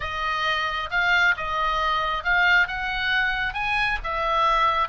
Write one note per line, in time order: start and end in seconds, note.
0.00 0.90 D#5
0.90 1.35 F5
1.36 2.23 D#5
2.23 2.67 F5
2.67 3.53 F#5
3.53 3.98 G#5
4.03 4.88 E5